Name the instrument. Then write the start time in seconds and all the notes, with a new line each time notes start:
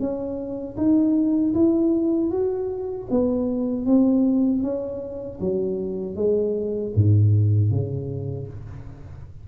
tuba
0.00 C#4
0.77 D#4
1.55 E4
2.31 F#4
3.10 B3
3.86 C4
4.63 C#4
5.40 F#3
6.16 G#3
6.95 G#2
7.71 C#3